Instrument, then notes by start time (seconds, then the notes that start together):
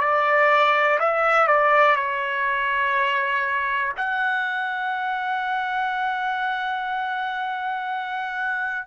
trumpet
0.00 D5
0.99 E5
1.47 D5
1.95 C#5
3.97 F#5